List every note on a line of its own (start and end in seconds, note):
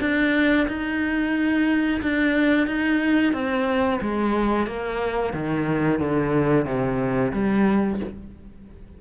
0.00 0.67 D4
0.68 2.01 D#4
2.02 2.67 D4
2.67 3.33 D#4
3.33 3.99 C4
4.01 4.67 G#3
4.67 5.33 A#3
5.33 5.99 D#3
5.99 6.65 D3
6.65 7.32 C3
7.33 8.00 G3